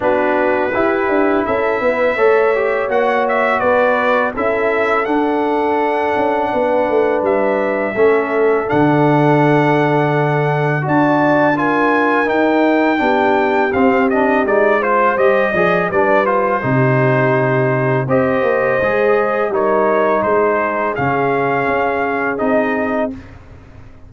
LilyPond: <<
  \new Staff \with { instrumentName = "trumpet" } { \time 4/4 \tempo 4 = 83 b'2 e''2 | fis''8 e''8 d''4 e''4 fis''4~ | fis''2 e''2 | fis''2. a''4 |
gis''4 g''2 f''8 dis''8 | d''8 c''8 dis''4 d''8 c''4.~ | c''4 dis''2 cis''4 | c''4 f''2 dis''4 | }
  \new Staff \with { instrumentName = "horn" } { \time 4/4 fis'4 g'4 a'8 b'8 cis''4~ | cis''4 b'4 a'2~ | a'4 b'2 a'4~ | a'2. d''4 |
ais'2 g'2~ | g'8 c''4 d''8 b'4 g'4~ | g'4 c''2 ais'4 | gis'1 | }
  \new Staff \with { instrumentName = "trombone" } { \time 4/4 d'4 e'2 a'8 g'8 | fis'2 e'4 d'4~ | d'2. cis'4 | d'2. fis'4 |
f'4 dis'4 d'4 c'8 d'8 | dis'8 f'8 g'8 gis'8 d'8 f'8 dis'4~ | dis'4 g'4 gis'4 dis'4~ | dis'4 cis'2 dis'4 | }
  \new Staff \with { instrumentName = "tuba" } { \time 4/4 b4 e'8 d'8 cis'8 b8 a4 | ais4 b4 cis'4 d'4~ | d'8 cis'8 b8 a8 g4 a4 | d2. d'4~ |
d'4 dis'4 b4 c'4 | gis4 g8 f8 g4 c4~ | c4 c'8 ais8 gis4 g4 | gis4 cis4 cis'4 c'4 | }
>>